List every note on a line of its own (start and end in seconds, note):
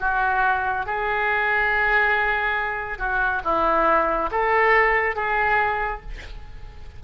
0.00 0.86 F#4
0.86 2.98 G#4
2.98 3.41 F#4
3.44 4.30 E4
4.31 5.15 A4
5.15 6.01 G#4